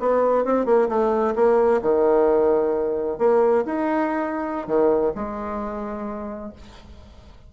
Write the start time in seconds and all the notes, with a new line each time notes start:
0.00 B3
0.45 C4
0.66 A#3
0.89 A3
1.35 A#3
1.82 D#3
3.19 A#3
3.65 D#4
4.67 D#3
5.15 G#3